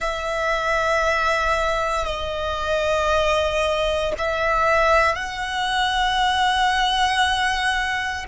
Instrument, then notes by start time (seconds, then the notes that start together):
violin
0.00 E5
2.05 D#5
4.18 E5
5.14 F#5